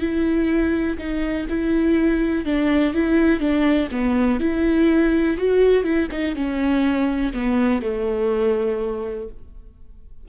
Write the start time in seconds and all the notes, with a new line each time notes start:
0.00 E4
0.98 D#4
1.49 E4
2.45 D4
2.94 E4
3.40 D4
3.91 B3
4.40 E4
5.37 F#4
5.83 E4
6.11 D#4
6.35 C#4
7.33 B3
7.82 A3